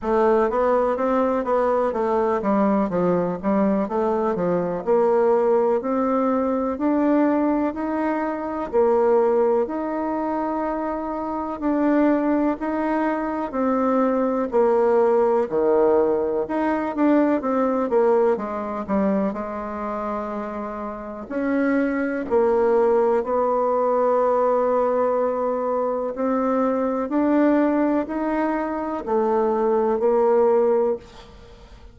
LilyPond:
\new Staff \with { instrumentName = "bassoon" } { \time 4/4 \tempo 4 = 62 a8 b8 c'8 b8 a8 g8 f8 g8 | a8 f8 ais4 c'4 d'4 | dis'4 ais4 dis'2 | d'4 dis'4 c'4 ais4 |
dis4 dis'8 d'8 c'8 ais8 gis8 g8 | gis2 cis'4 ais4 | b2. c'4 | d'4 dis'4 a4 ais4 | }